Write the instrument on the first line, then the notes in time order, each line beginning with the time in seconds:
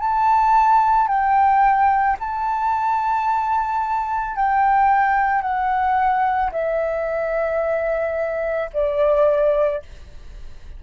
flute
0.00 A5
1.08 G5
2.20 A5
4.36 G5
5.42 F#5
6.52 E5
8.74 D5